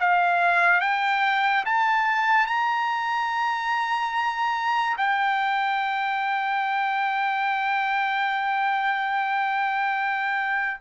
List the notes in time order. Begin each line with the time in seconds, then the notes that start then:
0.00 F5
0.81 G5
1.66 A5
2.47 A#5
4.97 G5